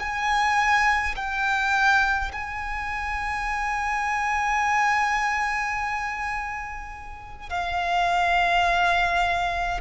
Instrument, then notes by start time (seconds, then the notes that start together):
violin
0.00 G#5
1.16 G5
2.33 G#5
7.50 F5